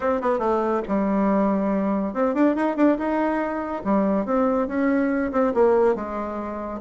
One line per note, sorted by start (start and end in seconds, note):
0.00 0.21 C4
0.21 0.38 B3
0.38 0.81 A3
0.88 2.13 G3
2.13 2.34 C4
2.34 2.55 D4
2.55 2.76 D#4
2.76 2.97 D4
2.97 3.83 D#4
3.84 4.25 G3
4.25 4.67 C4
4.67 5.31 C#4
5.32 5.53 C4
5.54 5.95 A#3
5.95 6.80 G#3